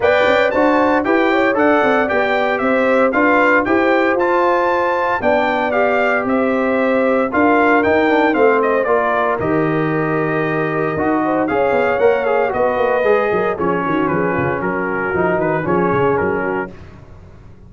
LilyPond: <<
  \new Staff \with { instrumentName = "trumpet" } { \time 4/4 \tempo 4 = 115 g''4 a''4 g''4 fis''4 | g''4 e''4 f''4 g''4 | a''2 g''4 f''4 | e''2 f''4 g''4 |
f''8 dis''8 d''4 dis''2~ | dis''2 f''4 fis''8 f''8 | dis''2 cis''4 b'4 | ais'4. b'8 cis''4 ais'4 | }
  \new Staff \with { instrumentName = "horn" } { \time 4/4 d''4 c''4 b'8 cis''8 d''4~ | d''4 c''4 b'4 c''4~ | c''2 d''2 | c''2 ais'2 |
c''4 ais'2.~ | ais'4. c''8 cis''2 | b'4. ais'8 gis'8 fis'8 gis'8 f'8 | fis'2 gis'4. fis'8 | }
  \new Staff \with { instrumentName = "trombone" } { \time 4/4 b'4 fis'4 g'4 a'4 | g'2 f'4 g'4 | f'2 d'4 g'4~ | g'2 f'4 dis'8 d'8 |
c'4 f'4 g'2~ | g'4 fis'4 gis'4 ais'8 gis'8 | fis'4 gis'4 cis'2~ | cis'4 dis'4 cis'2 | }
  \new Staff \with { instrumentName = "tuba" } { \time 4/4 b8 cis'8 d'4 e'4 d'8 c'8 | b4 c'4 d'4 e'4 | f'2 b2 | c'2 d'4 dis'4 |
a4 ais4 dis2~ | dis4 dis'4 cis'8 b8 ais4 | b8 ais8 gis8 fis8 f8 dis8 f8 cis8 | fis4 f8 dis8 f8 cis8 fis4 | }
>>